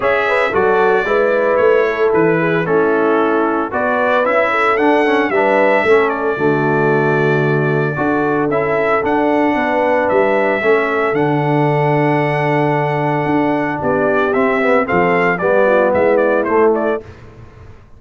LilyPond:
<<
  \new Staff \with { instrumentName = "trumpet" } { \time 4/4 \tempo 4 = 113 e''4 d''2 cis''4 | b'4 a'2 d''4 | e''4 fis''4 e''4. d''8~ | d''1 |
e''4 fis''2 e''4~ | e''4 fis''2.~ | fis''2 d''4 e''4 | f''4 d''4 e''8 d''8 c''8 d''8 | }
  \new Staff \with { instrumentName = "horn" } { \time 4/4 cis''8 b'8 a'4 b'4. a'8~ | a'8 gis'8 e'2 b'4~ | b'8 a'4. b'4 a'4 | fis'2. a'4~ |
a'2 b'2 | a'1~ | a'2 g'2 | a'4 g'8 f'8 e'2 | }
  \new Staff \with { instrumentName = "trombone" } { \time 4/4 gis'4 fis'4 e'2~ | e'4 cis'2 fis'4 | e'4 d'8 cis'8 d'4 cis'4 | a2. fis'4 |
e'4 d'2. | cis'4 d'2.~ | d'2. c'8 b8 | c'4 b2 a4 | }
  \new Staff \with { instrumentName = "tuba" } { \time 4/4 cis'4 fis4 gis4 a4 | e4 a2 b4 | cis'4 d'4 g4 a4 | d2. d'4 |
cis'4 d'4 b4 g4 | a4 d2.~ | d4 d'4 b4 c'4 | f4 g4 gis4 a4 | }
>>